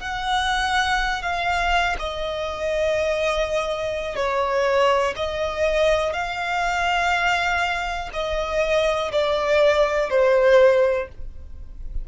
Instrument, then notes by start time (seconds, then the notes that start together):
violin
0.00 F#5
1.23 F5
1.99 D#5
4.16 C#5
5.16 D#5
6.13 F5
8.13 D#5
9.12 D5
10.10 C5